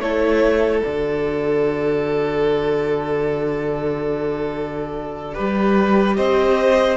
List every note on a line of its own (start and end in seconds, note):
0.00 0.82 A3
0.00 0.84 E4
0.00 5.35 A4
0.00 0.83 C#5
0.83 5.39 D3
0.83 5.34 F#4
0.83 6.17 D5
5.34 6.18 G3
5.34 6.97 G4
5.34 6.17 B4
6.17 6.97 C4
6.17 6.97 C5
6.17 6.97 D#5